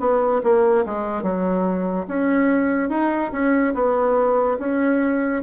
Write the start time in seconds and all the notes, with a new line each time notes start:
0.00 B3
0.44 A#3
0.86 G#3
1.23 F#3
2.08 C#4
2.89 D#4
3.33 C#4
3.75 B3
4.59 C#4